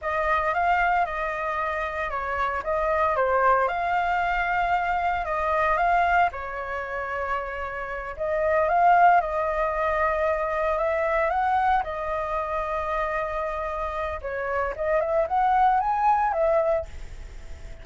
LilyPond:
\new Staff \with { instrumentName = "flute" } { \time 4/4 \tempo 4 = 114 dis''4 f''4 dis''2 | cis''4 dis''4 c''4 f''4~ | f''2 dis''4 f''4 | cis''2.~ cis''8 dis''8~ |
dis''8 f''4 dis''2~ dis''8~ | dis''8 e''4 fis''4 dis''4.~ | dis''2. cis''4 | dis''8 e''8 fis''4 gis''4 e''4 | }